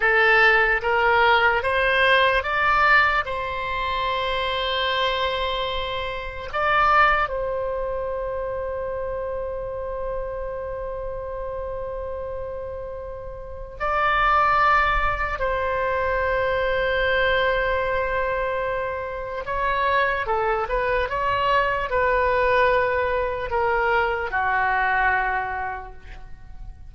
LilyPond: \new Staff \with { instrumentName = "oboe" } { \time 4/4 \tempo 4 = 74 a'4 ais'4 c''4 d''4 | c''1 | d''4 c''2.~ | c''1~ |
c''4 d''2 c''4~ | c''1 | cis''4 a'8 b'8 cis''4 b'4~ | b'4 ais'4 fis'2 | }